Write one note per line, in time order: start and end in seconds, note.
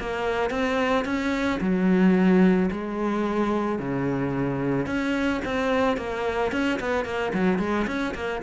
0.00 0.50 A#3
0.50 1.05 C4
1.05 1.60 C#4
1.61 2.70 F#3
2.71 3.79 G#3
3.79 4.86 C#3
4.86 5.40 C#4
5.45 5.97 C4
5.97 6.52 A#3
6.52 6.79 C#4
6.80 7.05 B3
7.05 7.32 A#3
7.34 7.59 F#3
7.59 7.86 G#3
7.87 8.14 C#4
8.15 8.42 A#3